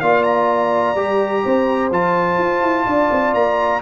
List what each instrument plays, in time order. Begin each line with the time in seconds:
0.00 tuba A#3, trombone F4, horn D5, trumpet F5
0.23 trumpet A#5
0.95 tuba G3, trombone G4
1.44 tuba C4, horn C5
1.91 tuba F3, trombone F4, trumpet A5
2.38 tuba F4
2.61 tuba E4
2.86 tuba D4, horn D5
3.11 tuba C4
3.34 tuba A#3, trumpet A#5